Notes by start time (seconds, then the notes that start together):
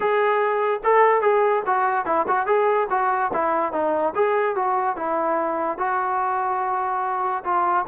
0.00 G#4
0.83 A4
1.21 G#4
1.66 F#4
2.05 E4
2.27 F#4
2.46 G#4
2.90 F#4
3.33 E4
3.72 D#4
4.15 G#4
4.55 F#4
4.96 E4
5.78 F#4
7.44 F4